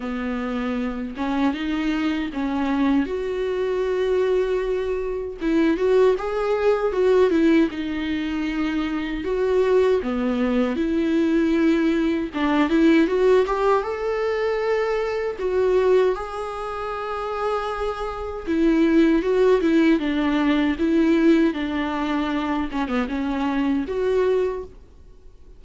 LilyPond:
\new Staff \with { instrumentName = "viola" } { \time 4/4 \tempo 4 = 78 b4. cis'8 dis'4 cis'4 | fis'2. e'8 fis'8 | gis'4 fis'8 e'8 dis'2 | fis'4 b4 e'2 |
d'8 e'8 fis'8 g'8 a'2 | fis'4 gis'2. | e'4 fis'8 e'8 d'4 e'4 | d'4. cis'16 b16 cis'4 fis'4 | }